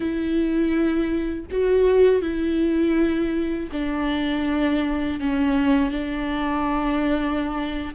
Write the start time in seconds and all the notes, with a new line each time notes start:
0.00 E4
1.51 F#4
2.21 E4
3.71 D4
5.20 C#4
5.91 D4